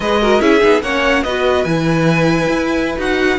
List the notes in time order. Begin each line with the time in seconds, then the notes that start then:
0.00 G#3 G#4 B4 D#5
0.21 F#4 A#4
0.40 C#4 E4 G#4 E5
0.60 B3 D#4
0.82 A#3 C#4 C#5 F#5
1.23 B3 F#4 B4 D#5
1.64 E3 E4 G#5
2.48 E4
2.97 D#4 F#4 F#5